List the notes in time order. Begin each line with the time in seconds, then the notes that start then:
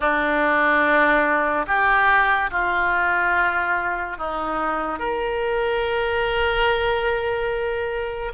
0.00 D4
1.67 G4
2.50 F4
4.17 D#4
4.98 A#4